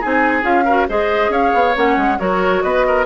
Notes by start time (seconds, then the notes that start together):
0.00 C4 D#4 G#4 G#5
0.42 C#4 F4 F5
0.65 F#4 A#4
0.88 G#3 G#4 C5 D#5
1.29 C#4 C#5 F5
1.54 B3
1.74 A#3 C#4 F#5
1.97 G#3
2.19 F#3 F#4 A#4 C#5
2.62 B3 B4 D#5
2.87 A#4